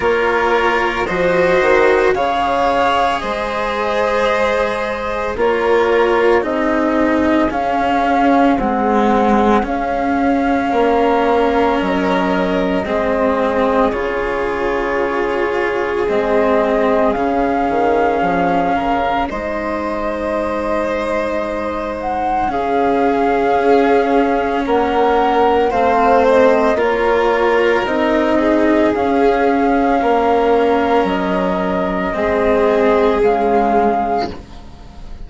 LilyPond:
<<
  \new Staff \with { instrumentName = "flute" } { \time 4/4 \tempo 4 = 56 cis''4 dis''4 f''4 dis''4~ | dis''4 cis''4 dis''4 f''4 | fis''4 f''2 dis''4~ | dis''4 cis''2 dis''4 |
f''2 dis''2~ | dis''8 fis''8 f''2 fis''4 | f''8 dis''8 cis''4 dis''4 f''4~ | f''4 dis''2 f''4 | }
  \new Staff \with { instrumentName = "violin" } { \time 4/4 ais'4 c''4 cis''4 c''4~ | c''4 ais'4 gis'2~ | gis'2 ais'2 | gis'1~ |
gis'4. ais'8 c''2~ | c''4 gis'2 ais'4 | c''4 ais'4. gis'4. | ais'2 gis'2 | }
  \new Staff \with { instrumentName = "cello" } { \time 4/4 f'4 fis'4 gis'2~ | gis'4 f'4 dis'4 cis'4 | gis4 cis'2. | c'4 f'2 c'4 |
cis'2 dis'2~ | dis'4 cis'2. | c'4 f'4 dis'4 cis'4~ | cis'2 c'4 gis4 | }
  \new Staff \with { instrumentName = "bassoon" } { \time 4/4 ais4 f8 dis8 cis4 gis4~ | gis4 ais4 c'4 cis'4 | c'4 cis'4 ais4 fis4 | gis4 cis2 gis4 |
cis8 dis8 f8 cis8 gis2~ | gis4 cis4 cis'4 ais4 | a4 ais4 c'4 cis'4 | ais4 fis4 gis4 cis4 | }
>>